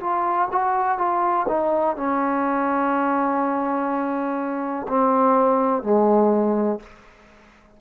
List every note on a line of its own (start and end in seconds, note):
0.00 0.48 F4
0.52 0.98 F#4
0.98 1.46 F4
1.48 1.97 D#4
1.97 4.87 C#4
4.88 5.83 C4
5.83 6.80 G#3